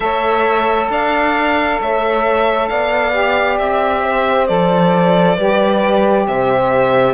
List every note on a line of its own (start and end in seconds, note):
0.00 0.88 A3
0.00 3.12 A4
0.00 0.91 C#5
0.00 0.89 E5
0.89 1.79 D4
0.89 1.80 D5
0.89 1.81 F5
1.81 2.70 A3
1.81 2.69 C#5
1.81 2.68 E5
2.68 3.60 B3
2.68 4.03 D5
2.68 3.57 F5
3.12 4.46 G4
3.59 4.49 C4
3.59 4.47 E5
4.03 5.37 C5
4.47 5.37 F3
4.47 5.37 A4
4.47 6.26 D5
5.37 6.26 G3
5.37 7.14 G4
5.37 6.26 B4
6.27 7.14 C3
6.27 7.14 C5
6.27 7.14 E5